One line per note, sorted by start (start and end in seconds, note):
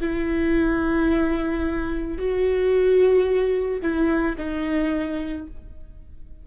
0.00 2.18 E4
2.18 3.81 F#4
3.82 4.36 E4
4.38 5.47 D#4